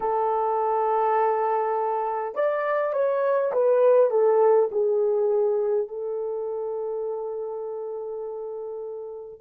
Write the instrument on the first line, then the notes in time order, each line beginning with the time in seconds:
horn
0.00 A4
2.34 D5
2.93 C#5
3.52 B4
4.10 A4
4.71 G#4
5.88 A4